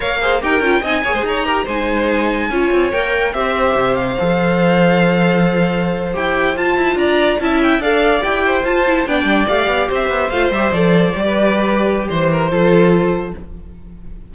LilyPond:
<<
  \new Staff \with { instrumentName = "violin" } { \time 4/4 \tempo 4 = 144 f''4 g''4 gis''4 ais''4 | gis''2. g''4 | e''4. f''2~ f''8~ | f''2~ f''8. g''4 a''16~ |
a''8. ais''4 a''8 g''8 f''4 g''16~ | g''8. a''4 g''4 f''4 e''16~ | e''8. f''8 e''8 d''2~ d''16~ | d''4 c''2. | }
  \new Staff \with { instrumentName = "violin" } { \time 4/4 cis''8 c''8 ais'4 dis''8 cis''16 c''16 cis''8 ais'8 | c''2 cis''2 | c''1~ | c''1~ |
c''8. d''4 e''4 d''4~ d''16~ | d''16 c''4. d''2 c''16~ | c''2. b'4~ | b'4 c''8 ais'8 a'2 | }
  \new Staff \with { instrumentName = "viola" } { \time 4/4 ais'8 gis'8 g'8 f'8 dis'8 gis'4 g'8 | dis'2 f'4 ais'4 | g'2 a'2~ | a'2~ a'8. g'4 f'16~ |
f'4.~ f'16 e'4 a'4 g'16~ | g'8. f'8 e'8 d'4 g'4~ g'16~ | g'8. f'8 g'8 a'4 g'4~ g'16~ | g'2 f'2 | }
  \new Staff \with { instrumentName = "cello" } { \time 4/4 ais4 dis'8 cis'8 c'8 ais16 gis16 dis'4 | gis2 cis'8 c'8 ais4 | c'4 c4 f2~ | f2~ f8. e'4 f'16~ |
f'16 e'8 d'4 cis'4 d'4 e'16~ | e'8. f'4 b8 g8 a8 b8 c'16~ | c'16 b8 a8 g8 f4 g4~ g16~ | g4 e4 f2 | }
>>